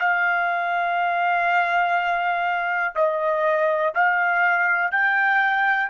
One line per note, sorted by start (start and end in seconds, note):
0.00 2.95 F5
2.96 3.94 D#5
3.95 4.92 F5
4.92 5.90 G5